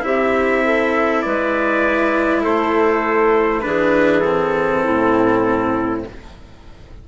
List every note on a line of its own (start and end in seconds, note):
0.00 1.24 C4
0.00 3.60 E4
0.00 0.64 G4
0.00 1.22 E5
0.64 1.24 A4
1.22 2.45 G#3
1.22 2.42 B4
1.22 2.42 D5
2.42 3.65 A3
2.42 3.62 A4
2.42 3.61 C5
3.61 4.85 E3
3.61 4.22 D4
3.61 4.84 G#4
3.61 4.20 B4
4.20 6.04 C4
4.20 6.00 A4
4.84 6.08 A2
4.84 6.04 E4